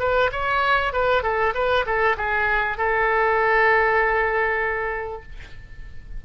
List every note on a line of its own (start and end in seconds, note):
0.00 0.31 B4
0.32 0.94 C#5
0.94 1.24 B4
1.24 1.54 A4
1.55 1.86 B4
1.86 2.17 A4
2.18 2.78 G#4
2.78 5.23 A4